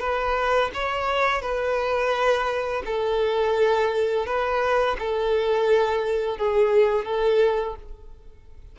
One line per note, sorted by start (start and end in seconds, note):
0.00 0.71 B4
0.74 1.42 C#5
1.42 2.83 B4
2.86 4.26 A4
4.26 4.97 B4
4.99 6.38 A4
6.38 7.05 G#4
7.05 7.76 A4